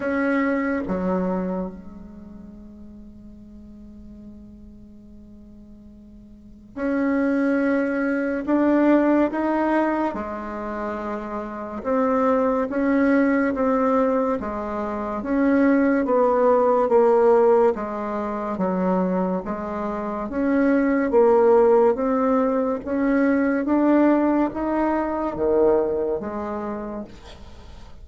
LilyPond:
\new Staff \with { instrumentName = "bassoon" } { \time 4/4 \tempo 4 = 71 cis'4 fis4 gis2~ | gis1 | cis'2 d'4 dis'4 | gis2 c'4 cis'4 |
c'4 gis4 cis'4 b4 | ais4 gis4 fis4 gis4 | cis'4 ais4 c'4 cis'4 | d'4 dis'4 dis4 gis4 | }